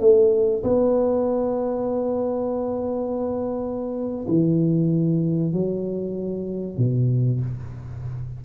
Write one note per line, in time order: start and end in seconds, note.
0.00 0.63 A3
0.63 4.27 B3
4.28 5.53 E3
5.53 6.78 F#3
6.78 7.41 B2